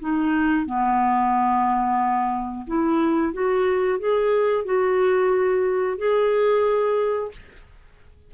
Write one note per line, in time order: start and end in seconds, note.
0.00 0.66 D#4
0.66 2.66 B3
2.67 3.33 E4
3.33 3.99 F#4
3.99 4.65 G#4
4.65 5.98 F#4
5.98 7.31 G#4